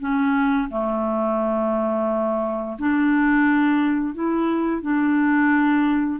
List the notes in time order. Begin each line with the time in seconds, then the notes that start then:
0.00 C#4
0.71 A3
2.79 D4
4.14 E4
4.82 D4